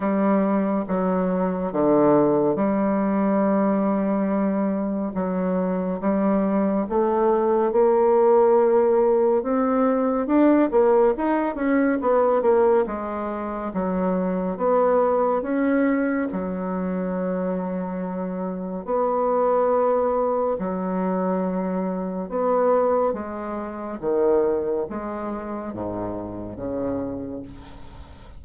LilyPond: \new Staff \with { instrumentName = "bassoon" } { \time 4/4 \tempo 4 = 70 g4 fis4 d4 g4~ | g2 fis4 g4 | a4 ais2 c'4 | d'8 ais8 dis'8 cis'8 b8 ais8 gis4 |
fis4 b4 cis'4 fis4~ | fis2 b2 | fis2 b4 gis4 | dis4 gis4 gis,4 cis4 | }